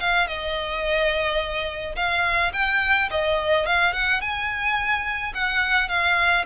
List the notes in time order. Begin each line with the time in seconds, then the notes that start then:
0.00 F5
0.27 D#5
1.96 F5
2.53 G5
3.11 D#5
3.66 F5
3.93 F#5
4.21 G#5
5.34 F#5
5.89 F5